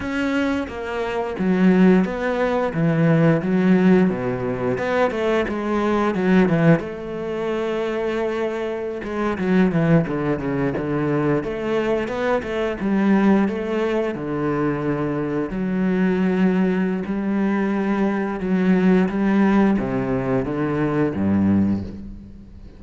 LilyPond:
\new Staff \with { instrumentName = "cello" } { \time 4/4 \tempo 4 = 88 cis'4 ais4 fis4 b4 | e4 fis4 b,4 b8 a8 | gis4 fis8 e8 a2~ | a4~ a16 gis8 fis8 e8 d8 cis8 d16~ |
d8. a4 b8 a8 g4 a16~ | a8. d2 fis4~ fis16~ | fis4 g2 fis4 | g4 c4 d4 g,4 | }